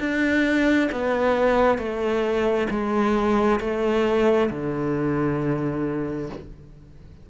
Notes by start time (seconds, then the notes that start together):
0.00 D4
0.92 B3
1.78 A3
2.70 G#3
3.61 A3
4.51 D3